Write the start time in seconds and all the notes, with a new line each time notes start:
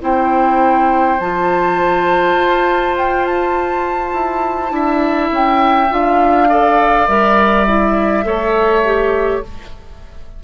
0.00 C4 E4 C5 G5
1.19 F3 F4 A5
2.35 F4
2.97 G5
3.25 A5
4.13 E4
4.69 D4 E4 E5
5.31 C#4 G5
5.89 D4 F4 F5
6.48 A4 D5
7.07 G3 A#4 E5
7.67 E4
8.23 A3 A4 C#5
8.85 G4